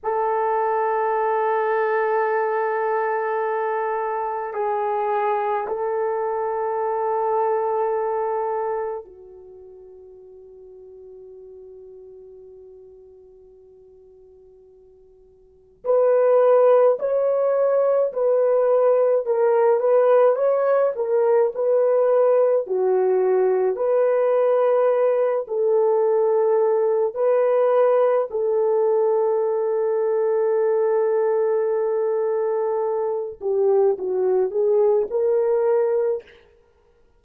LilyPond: \new Staff \with { instrumentName = "horn" } { \time 4/4 \tempo 4 = 53 a'1 | gis'4 a'2. | fis'1~ | fis'2 b'4 cis''4 |
b'4 ais'8 b'8 cis''8 ais'8 b'4 | fis'4 b'4. a'4. | b'4 a'2.~ | a'4. g'8 fis'8 gis'8 ais'4 | }